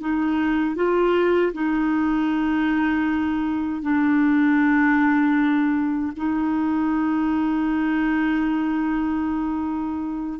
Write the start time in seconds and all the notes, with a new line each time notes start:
0.00 D#4
0.75 F4
1.53 D#4
3.81 D4
6.16 D#4